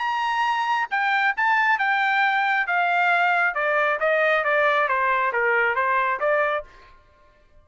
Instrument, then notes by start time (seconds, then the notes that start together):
trumpet
0.00 A#5
0.91 G5
1.37 A5
1.79 G5
2.67 F5
3.55 D5
4.00 D#5
4.45 D5
4.89 C5
5.33 A#4
5.76 C5
6.20 D5